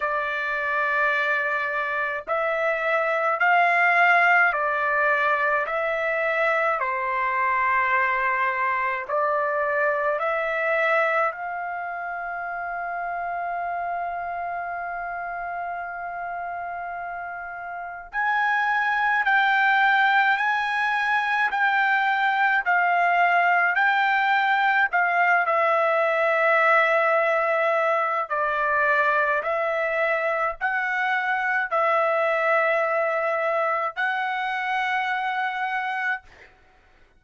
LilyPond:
\new Staff \with { instrumentName = "trumpet" } { \time 4/4 \tempo 4 = 53 d''2 e''4 f''4 | d''4 e''4 c''2 | d''4 e''4 f''2~ | f''1 |
gis''4 g''4 gis''4 g''4 | f''4 g''4 f''8 e''4.~ | e''4 d''4 e''4 fis''4 | e''2 fis''2 | }